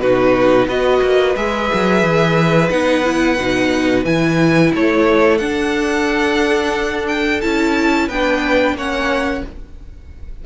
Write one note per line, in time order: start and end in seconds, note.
0.00 0.67 B2
0.00 0.68 D#4
0.00 0.67 F#4
0.00 0.67 B4
0.67 1.00 B3
0.67 1.36 F#4
0.67 4.72 B4
0.67 1.36 D#5
1.02 1.36 A#3
1.36 1.70 G#3
1.36 2.70 G#4
1.36 2.70 E5
1.74 2.02 F#3
2.02 2.70 E3
2.70 3.37 B3
2.70 3.04 D#4
2.70 4.05 F#5
3.04 3.38 E4
3.37 4.04 B2
3.37 4.05 D#4
4.04 4.72 E3
4.04 5.40 E4
4.04 4.72 G#5
4.74 5.40 A3
4.74 8.07 A4
4.74 5.38 C#5
5.38 7.42 D4
5.38 7.43 D4
5.38 7.06 F#5
7.08 7.41 G5
7.41 8.09 C#4
7.41 8.10 E4
7.41 8.08 A5
8.07 8.74 B3
8.07 8.78 D4
8.07 8.75 B4
8.07 8.77 G5
8.74 9.41 A#3
8.74 9.46 C#4
8.74 9.44 C#5
8.74 9.45 F#5